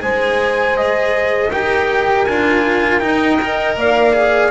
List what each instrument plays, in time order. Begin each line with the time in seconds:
0.00 double bass G#3, cello G#4, horn C5, trumpet G#5
0.77 trumpet D#5
1.51 double bass D#4, cello G4, horn A#4, trumpet G5
2.25 double bass D4, cello F4, trumpet G#5
3.00 cello D#4, double bass D#4, trumpet G5
3.42 cello A#4, horn D#5
3.76 double bass A#3, horn D5, trumpet F5
4.13 cello G#4